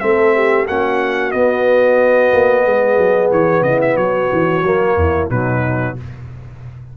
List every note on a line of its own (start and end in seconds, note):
0.00 0.68 A3
0.00 0.66 C4
0.00 0.35 A4
0.00 0.66 E5
0.35 0.67 G4
0.67 1.33 A#3
0.67 1.32 C#4
0.67 2.65 F#4
0.67 1.32 F#5
1.32 4.62 B3
1.32 2.32 B3
1.32 3.29 D#5
2.33 2.65 A#3
2.65 2.98 G#3
2.65 3.65 G#4
2.98 3.31 F#3
3.32 3.62 E3
3.32 3.63 C#5
3.62 3.95 C#3
3.62 3.98 E4
3.62 3.80 D#5
3.81 3.97 E5
3.97 4.30 F#3
3.97 4.96 F#4
3.97 5.29 C#5
4.32 4.63 E3
4.63 4.96 F#3
4.63 5.30 A#3
4.96 5.29 E2
4.96 5.30 E4
5.30 5.96 B2
5.30 5.97 F#3
5.30 5.96 D#4
5.30 5.97 B4